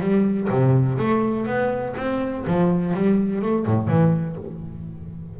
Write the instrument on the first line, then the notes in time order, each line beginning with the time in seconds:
double bass
0.00 G3
0.49 C3
0.98 A3
1.46 B3
1.97 C4
2.47 F3
2.94 G3
3.41 A3
3.66 A2
3.88 E3